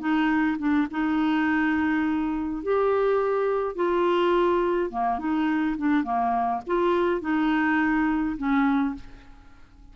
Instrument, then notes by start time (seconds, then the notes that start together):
clarinet
0.00 D#4
0.59 D4
0.91 D#4
2.63 G4
3.76 F4
4.91 A#3
5.19 D#4
5.78 D4
6.04 A#3
6.67 F4
7.21 D#4
8.38 C#4